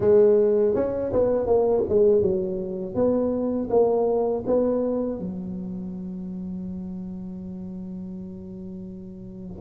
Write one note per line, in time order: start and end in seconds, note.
0.00 0.74 G#3
0.74 1.11 C#4
1.12 1.46 B3
1.46 1.83 A#3
1.89 2.21 G#3
2.21 2.94 F#3
2.94 3.68 B3
3.69 4.43 A#3
4.46 5.19 B3
5.19 9.61 F#3